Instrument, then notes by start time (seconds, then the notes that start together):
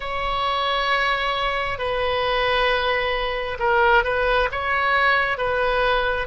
oboe
0.00 C#5
1.78 B4
3.59 A#4
4.03 B4
4.51 C#5
5.37 B4